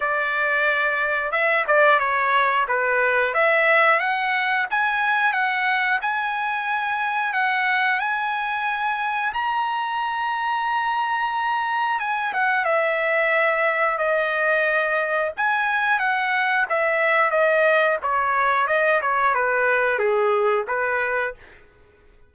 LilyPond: \new Staff \with { instrumentName = "trumpet" } { \time 4/4 \tempo 4 = 90 d''2 e''8 d''8 cis''4 | b'4 e''4 fis''4 gis''4 | fis''4 gis''2 fis''4 | gis''2 ais''2~ |
ais''2 gis''8 fis''8 e''4~ | e''4 dis''2 gis''4 | fis''4 e''4 dis''4 cis''4 | dis''8 cis''8 b'4 gis'4 b'4 | }